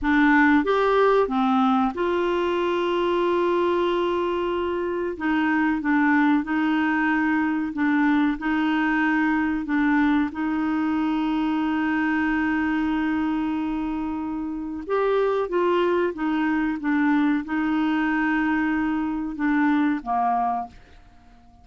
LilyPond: \new Staff \with { instrumentName = "clarinet" } { \time 4/4 \tempo 4 = 93 d'4 g'4 c'4 f'4~ | f'1 | dis'4 d'4 dis'2 | d'4 dis'2 d'4 |
dis'1~ | dis'2. g'4 | f'4 dis'4 d'4 dis'4~ | dis'2 d'4 ais4 | }